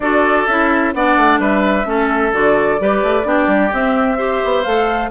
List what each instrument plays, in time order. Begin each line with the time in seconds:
0.00 bassoon D4, clarinet F#4, oboe A4, flute D5
0.46 bassoon C#4, clarinet E4, flute E5
0.93 bassoon B3, clarinet D4, oboe D5, flute F#5
1.16 bassoon A3
1.38 bassoon G3, oboe B4, flute E5
1.85 bassoon A3, clarinet C#4, oboe A4
2.32 bassoon D3, clarinet F#4, flute D5
2.79 bassoon G3, clarinet G4, oboe B4
3.02 bassoon A3
3.24 bassoon B3, clarinet D4, oboe G4
3.47 bassoon G3
3.72 clarinet C4, bassoon C4, flute E5
4.17 clarinet G4, oboe C5
4.44 bassoon B3
4.63 bassoon A3, clarinet A4, flute F5